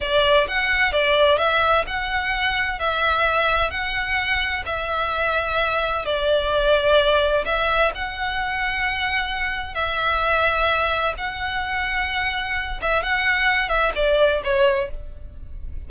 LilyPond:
\new Staff \with { instrumentName = "violin" } { \time 4/4 \tempo 4 = 129 d''4 fis''4 d''4 e''4 | fis''2 e''2 | fis''2 e''2~ | e''4 d''2. |
e''4 fis''2.~ | fis''4 e''2. | fis''2.~ fis''8 e''8 | fis''4. e''8 d''4 cis''4 | }